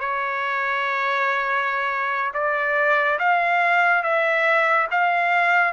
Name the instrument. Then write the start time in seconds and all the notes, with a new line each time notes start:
trumpet
0.00 C#5
2.34 D5
3.20 F5
4.03 E5
4.91 F5